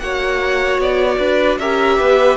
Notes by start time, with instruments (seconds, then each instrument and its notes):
0.00 cello A#3, viola F#4, violin C#5 F#5
0.78 cello B3, violin D5
1.19 cello D4, violin B4
1.58 cello C#4, viola G4, violin A#4 E5
1.99 cello B3, violin B4